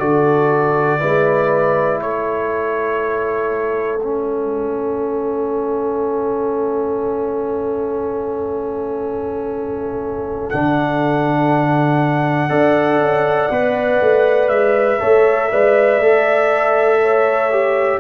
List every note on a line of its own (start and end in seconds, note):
0.00 1.01 D3
0.00 1.00 F#4
0.00 1.00 A4
0.00 2.00 D5
1.00 2.01 G#3
1.00 4.00 E4
1.00 2.00 B4
2.01 10.51 A3
2.01 12.49 A4
2.01 4.00 C#5
4.00 10.53 C#4
4.00 10.50 E5
10.50 12.50 D3
10.50 12.50 D4
10.50 14.49 F#5
12.49 12.99 D4
12.49 13.50 A4
12.49 14.99 D5
12.99 13.49 C#4
13.51 14.01 B3
13.51 15.01 B4
14.01 14.49 A3
14.49 14.99 G#3
14.49 17.99 E5
15.01 15.52 A3
15.01 15.51 A4
15.01 15.51 C#5
15.51 15.99 G#3
15.51 16.02 B4
15.51 17.01 D5
15.99 17.99 A3
15.99 17.51 A4
17.02 18.00 C#5
17.51 18.00 G4